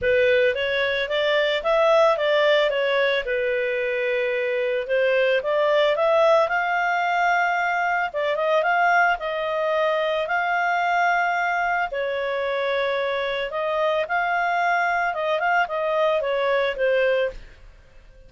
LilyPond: \new Staff \with { instrumentName = "clarinet" } { \time 4/4 \tempo 4 = 111 b'4 cis''4 d''4 e''4 | d''4 cis''4 b'2~ | b'4 c''4 d''4 e''4 | f''2. d''8 dis''8 |
f''4 dis''2 f''4~ | f''2 cis''2~ | cis''4 dis''4 f''2 | dis''8 f''8 dis''4 cis''4 c''4 | }